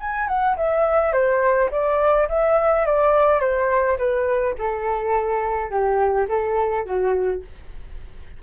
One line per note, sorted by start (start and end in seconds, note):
0.00 0.28 G#5
0.28 0.56 F#5
0.57 1.13 E5
1.13 1.70 C5
1.71 2.28 D5
2.29 2.86 E5
2.86 3.40 D5
3.40 3.97 C5
3.98 4.55 B4
4.58 5.70 A4
5.70 6.27 G4
6.29 6.85 A4
6.85 7.42 F#4